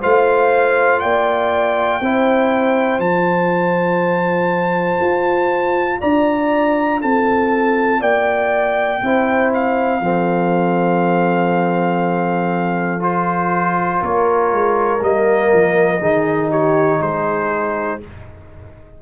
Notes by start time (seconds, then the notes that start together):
0.00 A3 F4 C5 F5
1.00 A#3 D5 G5
2.01 C4 E4 C5
2.99 F3 F4 A5
5.01 F4
6.00 D4 D5 A#5
7.01 C4 A4 A5
8.00 A#3 D5 G5
9.02 C4 E4 C5
9.53 F5
10.00 F3 C4 A4
13.00 F4 C5
14.00 A#3 A#4 C#5
14.52 G#3
15.01 G3 A#3 D#5
15.52 F3
16.00 D#3 D#4 G#4
16.50 G4 C#5
16.99 G#3 G#4 C5